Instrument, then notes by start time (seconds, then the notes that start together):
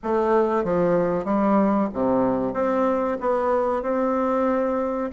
bassoon
0.03 A3
0.64 F3
1.24 G3
1.93 C3
2.53 C4
3.20 B3
3.82 C4